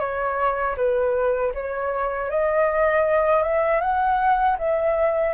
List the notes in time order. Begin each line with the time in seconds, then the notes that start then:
0.00 C#5
0.77 B4
1.54 C#5
2.30 D#5
3.43 E5
3.81 F#5
4.58 E5